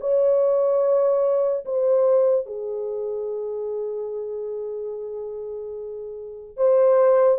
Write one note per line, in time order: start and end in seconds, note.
0.00 1.64 C#5
1.65 2.45 C5
2.45 6.56 G#4
6.57 7.38 C5